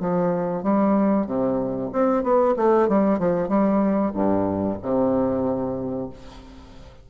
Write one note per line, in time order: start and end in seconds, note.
0.00 0.63 F3
0.63 1.26 G3
1.26 1.90 C3
1.92 2.23 C4
2.23 2.55 B3
2.56 2.88 A3
2.88 3.19 G3
3.19 3.48 F3
3.48 4.12 G3
4.14 4.78 G2
4.82 6.10 C3